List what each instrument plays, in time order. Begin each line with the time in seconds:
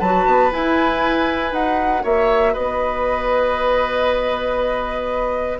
0.00 bassoon F#3, clarinet F#4, oboe B4, flute A5
0.26 bassoon B3
0.51 clarinet E4, bassoon E4, flute G#5
1.52 bassoon D#4, clarinet F#4, flute F#5
2.03 bassoon A#3, oboe C#5, flute E5
2.53 bassoon B3, oboe B4, flute D#5